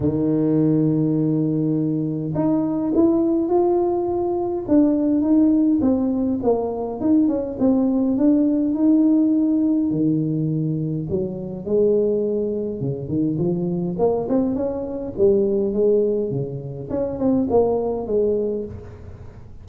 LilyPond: \new Staff \with { instrumentName = "tuba" } { \time 4/4 \tempo 4 = 103 dis1 | dis'4 e'4 f'2 | d'4 dis'4 c'4 ais4 | dis'8 cis'8 c'4 d'4 dis'4~ |
dis'4 dis2 fis4 | gis2 cis8 dis8 f4 | ais8 c'8 cis'4 g4 gis4 | cis4 cis'8 c'8 ais4 gis4 | }